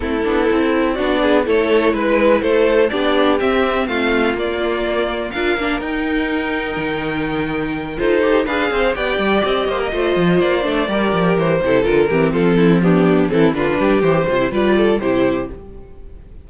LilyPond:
<<
  \new Staff \with { instrumentName = "violin" } { \time 4/4 \tempo 4 = 124 a'2 d''4 cis''4 | b'4 c''4 d''4 e''4 | f''4 d''2 f''4 | g''1~ |
g''8 c''4 f''4 g''4 dis''8~ | dis''4. d''2 c''8~ | c''8 ais'4 a'4 g'4 a'8 | b'4 c''4 d''4 c''4 | }
  \new Staff \with { instrumentName = "violin" } { \time 4/4 e'2 fis'8 gis'8 a'4 | b'4 a'4 g'2 | f'2. ais'4~ | ais'1~ |
ais'8 a'4 b'8 c''8 d''4. | c''16 ais'16 c''2 ais'4. | a'4 g'8 f'8 e'8 d'4 e'8 | f'8 g'4 c''8 b'8 a'8 g'4 | }
  \new Staff \with { instrumentName = "viola" } { \time 4/4 c'8 d'8 e'4 d'4 e'4~ | e'2 d'4 c'4~ | c'4 ais2 f'8 d'8 | dis'1~ |
dis'8 f'8 g'8 gis'4 g'4.~ | g'8 f'4. d'8 g'4. | e'8 f'8 c'4. b4 c'8 | d'4 g'8 f'16 e'16 f'4 e'4 | }
  \new Staff \with { instrumentName = "cello" } { \time 4/4 a8 b8 c'4 b4 a4 | gis4 a4 b4 c'4 | a4 ais2 d'8 ais8 | dis'2 dis2~ |
dis8 dis'4 d'8 c'8 b8 g8 c'8 | ais8 a8 f8 ais8 a8 g8 f8 e8 | c8 d8 e8 f2 e8 | d8 g8 e8 c8 g4 c4 | }
>>